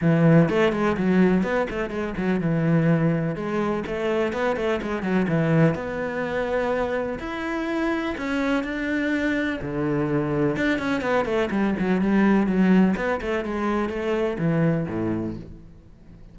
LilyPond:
\new Staff \with { instrumentName = "cello" } { \time 4/4 \tempo 4 = 125 e4 a8 gis8 fis4 b8 a8 | gis8 fis8 e2 gis4 | a4 b8 a8 gis8 fis8 e4 | b2. e'4~ |
e'4 cis'4 d'2 | d2 d'8 cis'8 b8 a8 | g8 fis8 g4 fis4 b8 a8 | gis4 a4 e4 a,4 | }